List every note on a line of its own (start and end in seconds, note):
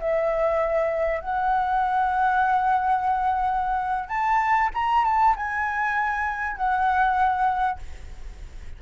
0.00 1.21 E5
1.21 4.09 F#5
4.09 4.70 A5
4.74 5.05 A#5
5.05 5.36 A5
5.36 6.57 G#5
6.57 7.79 F#5